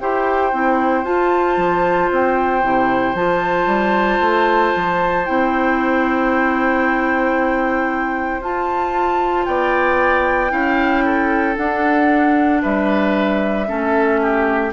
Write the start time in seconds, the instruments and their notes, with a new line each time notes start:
0.00 bassoon E4, clarinet G4, oboe C5, flute G5
0.53 bassoon C4, clarinet E4
1.04 bassoon F4, clarinet F4, flute A5
1.57 bassoon F3
2.11 bassoon C4, flute G5
2.62 bassoon C3, clarinet E4
3.14 bassoon F3, clarinet F4, flute A5
3.67 bassoon G3
4.21 bassoon A3
4.76 bassoon F3
5.26 bassoon C4, clarinet E4, flute G5
8.41 bassoon F4, clarinet F4, flute A5
9.46 bassoon B3, oboe D5, flute G5
10.50 bassoon C#4, clarinet E4, oboe F5
11.05 oboe A4
11.55 clarinet D4, bassoon D4, flute F#5
12.62 bassoon G3, oboe B4, flute E5
13.66 bassoon A3, clarinet C#4, oboe A4
14.22 oboe G4